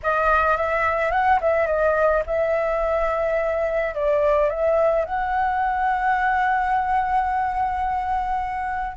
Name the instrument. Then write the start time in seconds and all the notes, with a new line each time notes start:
flute
0.03 D#5
0.56 E5
1.11 F#5
1.40 E5
1.66 D#5
2.26 E5
3.94 D5
4.49 E5
5.05 F#5